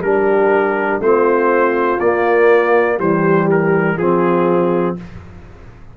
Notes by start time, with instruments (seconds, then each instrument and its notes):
0.00 tuba G3, trombone D4, horn G4, trumpet A#4
1.00 tuba A3, trombone C4, horn F4, trumpet C5
2.00 tuba A#3, trombone A#3, trumpet D5
2.97 tuba E3, trombone G3, horn G4, trumpet C5
3.51 trumpet A#4
3.98 tuba F3, trombone C4, horn F4, trumpet G#4